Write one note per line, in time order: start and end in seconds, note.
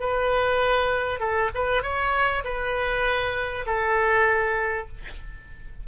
0.00 1.20 B4
1.20 1.50 A4
1.55 1.83 B4
1.83 2.44 C#5
2.45 3.66 B4
3.67 4.88 A4